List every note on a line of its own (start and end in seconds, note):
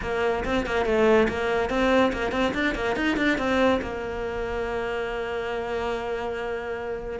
0.02 0.44 A#3
0.45 0.65 C4
0.65 0.85 A#3
0.85 1.27 A3
1.28 1.69 A#3
1.69 2.12 C4
2.12 2.31 A#3
2.31 2.52 C4
2.54 2.74 D4
2.74 2.96 A#3
2.96 3.16 D#4
3.16 3.37 D4
3.38 3.80 C4
3.81 7.19 A#3